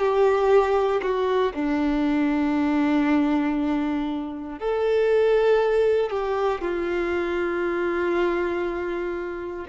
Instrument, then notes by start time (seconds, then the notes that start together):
violin
0.00 G4
1.02 F#4
1.54 D4
4.59 A4
6.11 G4
6.61 F4